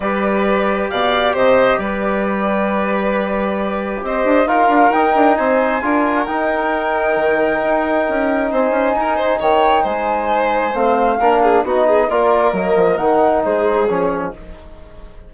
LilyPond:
<<
  \new Staff \with { instrumentName = "flute" } { \time 4/4 \tempo 4 = 134 d''2 f''4 dis''4 | d''1~ | d''4 dis''4 f''4 g''4 | gis''2 g''2~ |
g''2. gis''4~ | gis''4 g''4 gis''2 | f''2 dis''4 d''4 | dis''4 fis''4 c''4 cis''4 | }
  \new Staff \with { instrumentName = "violin" } { \time 4/4 b'2 d''4 c''4 | b'1~ | b'4 c''4 ais'2 | c''4 ais'2.~ |
ais'2. c''4 | ais'8 c''8 cis''4 c''2~ | c''4 ais'8 gis'8 fis'8 gis'8 ais'4~ | ais'2 gis'2 | }
  \new Staff \with { instrumentName = "trombone" } { \time 4/4 g'1~ | g'1~ | g'2 f'4 dis'4~ | dis'4 f'4 dis'2~ |
dis'1~ | dis'1 | c'4 d'4 dis'4 f'4 | ais4 dis'2 cis'4 | }
  \new Staff \with { instrumentName = "bassoon" } { \time 4/4 g2 b,4 c4 | g1~ | g4 c'8 d'8 dis'8 d'8 dis'8 d'8 | c'4 d'4 dis'2 |
dis4 dis'4 cis'4 c'8 cis'8 | dis'4 dis4 gis2 | a4 ais4 b4 ais4 | fis8 f8 dis4 gis4 f4 | }
>>